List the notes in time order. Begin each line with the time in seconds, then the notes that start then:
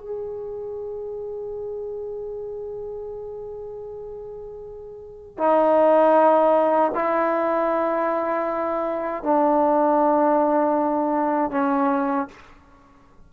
0.00 G#4
5.38 D#4
6.95 E4
9.24 D4
11.51 C#4